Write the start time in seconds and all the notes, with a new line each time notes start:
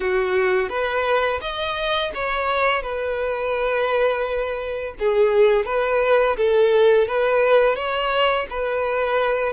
0.00 F#4
0.69 B4
1.41 D#5
2.14 C#5
2.82 B4
4.99 G#4
5.65 B4
6.37 A4
7.07 B4
7.75 C#5
8.50 B4